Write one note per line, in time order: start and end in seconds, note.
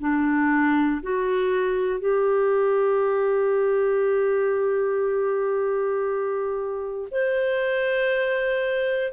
0.00 1.02 D4
1.02 2.00 F#4
2.00 7.08 G4
7.11 9.12 C5